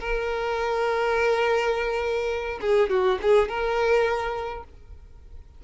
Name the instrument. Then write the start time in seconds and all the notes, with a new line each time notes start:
violin
0.00 A#4
2.61 G#4
2.90 F#4
3.22 G#4
3.49 A#4